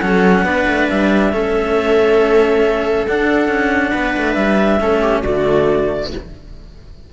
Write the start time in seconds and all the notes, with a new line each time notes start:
0.00 F#3 C#4 A4 F#5
0.43 B3 D4 B4
0.66 A3
0.89 G3 E5
1.32 A3 C#4 A4
3.07 D4 F#5
3.47 C#4
3.90 B3 B4
4.17 A3
4.33 G3 E5
4.80 A3 C#4 A4
5.01 G4
5.22 D3 A3 F#4 D5